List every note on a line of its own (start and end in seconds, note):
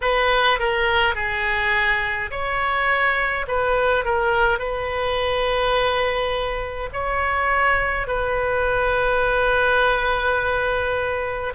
0.01 0.59 B4
0.59 1.14 A#4
1.14 2.30 G#4
2.30 3.46 C#5
3.47 4.04 B4
4.04 4.58 A#4
4.58 6.89 B4
6.92 8.07 C#5
8.07 11.53 B4